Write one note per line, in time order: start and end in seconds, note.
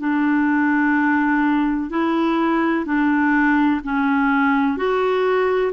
0.00 1.90 D4
1.90 2.85 E4
2.85 3.81 D4
3.84 4.77 C#4
4.77 5.72 F#4